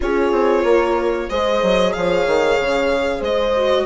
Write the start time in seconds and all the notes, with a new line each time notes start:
0.00 C#4 F4 G#4 C#5
0.32 C4
0.63 A#3 A#4
1.29 G#3 G#4 C5 D#5
1.62 F#3
1.92 F3 C#5 F5
2.26 D#3
2.60 C#3
3.19 G#3 C5 D#5
3.56 F#4